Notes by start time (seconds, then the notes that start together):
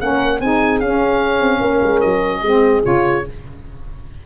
0.00 A#3 C#4 A#4 F#5
0.41 C4 D#4 G#4 G#5
0.80 C#4 F5
1.40 C4
1.59 A#3 A#4
1.83 G#3
2.01 F#3 D#5
2.42 G#3 C4 G#4
2.83 C#3 F4 C#5